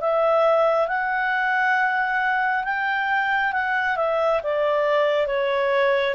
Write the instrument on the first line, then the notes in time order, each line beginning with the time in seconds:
clarinet
0.00 E5
0.87 F#5
2.64 G5
3.52 F#5
3.96 E5
4.43 D5
5.26 C#5